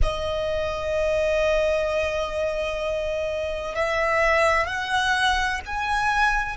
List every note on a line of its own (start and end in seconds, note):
0.02 3.75 D#5
3.75 4.66 E5
4.66 5.60 F#5
5.65 6.56 G#5